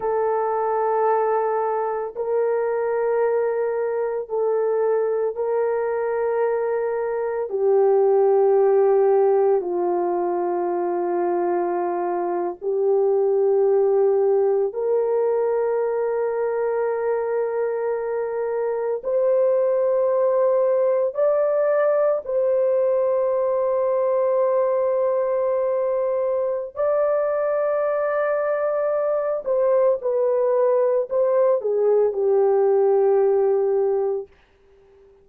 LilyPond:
\new Staff \with { instrumentName = "horn" } { \time 4/4 \tempo 4 = 56 a'2 ais'2 | a'4 ais'2 g'4~ | g'4 f'2~ f'8. g'16~ | g'4.~ g'16 ais'2~ ais'16~ |
ais'4.~ ais'16 c''2 d''16~ | d''8. c''2.~ c''16~ | c''4 d''2~ d''8 c''8 | b'4 c''8 gis'8 g'2 | }